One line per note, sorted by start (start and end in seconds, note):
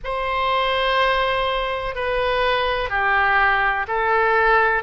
0.04 1.95 C5
1.95 2.89 B4
2.89 3.86 G4
3.87 4.83 A4